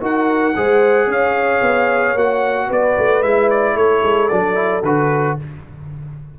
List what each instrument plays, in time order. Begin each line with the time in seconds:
0.00 tuba D#4, trombone F#4, horn A#4, trumpet F#5
0.56 tuba G#3, trombone G#4, horn C5
1.06 tuba C#4, horn C#5, trumpet F5
1.61 tuba B3
2.14 tuba A#3, trombone F#4, trumpet F#5
2.67 tuba B3, horn B4, trumpet D5
2.97 tuba A3
3.22 tuba G#3, trombone E4, trumpet E5
3.50 trumpet D5
3.75 tuba A3, horn A4, trumpet C#5
4.03 tuba G#3
4.28 tuba F#3, trombone D4, trumpet D5
4.54 trombone E4
4.82 tuba D3, trombone F#4, trumpet B4